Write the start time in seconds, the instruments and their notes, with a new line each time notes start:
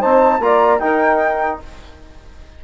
0.00 bassoon C4, trombone D#4, saxophone C5, flute A5
0.40 bassoon A#3, trombone F4, saxophone D5, flute A#5
0.80 trombone D#4, bassoon D#4, saxophone A#4, flute G5